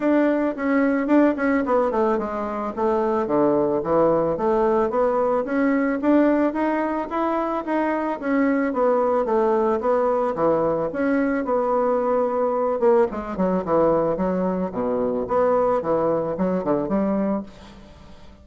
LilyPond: \new Staff \with { instrumentName = "bassoon" } { \time 4/4 \tempo 4 = 110 d'4 cis'4 d'8 cis'8 b8 a8 | gis4 a4 d4 e4 | a4 b4 cis'4 d'4 | dis'4 e'4 dis'4 cis'4 |
b4 a4 b4 e4 | cis'4 b2~ b8 ais8 | gis8 fis8 e4 fis4 b,4 | b4 e4 fis8 d8 g4 | }